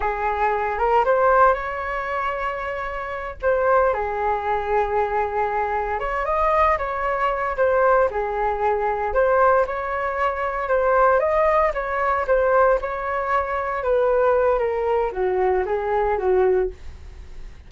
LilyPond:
\new Staff \with { instrumentName = "flute" } { \time 4/4 \tempo 4 = 115 gis'4. ais'8 c''4 cis''4~ | cis''2~ cis''8 c''4 gis'8~ | gis'2.~ gis'8 cis''8 | dis''4 cis''4. c''4 gis'8~ |
gis'4. c''4 cis''4.~ | cis''8 c''4 dis''4 cis''4 c''8~ | c''8 cis''2 b'4. | ais'4 fis'4 gis'4 fis'4 | }